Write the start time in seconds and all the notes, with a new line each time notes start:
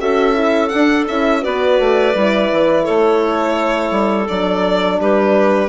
0.00 C#4 F#4 A4 E5
0.34 E4
0.68 D4 F#5
1.08 C#4 E4 E5
1.42 B3 F#4 B4 D5
1.79 A3
2.13 G3 E4
2.52 E3
2.84 A3 A4 C#5
3.91 G3
4.28 F#3 D4 D5
5.00 G3 G4 B4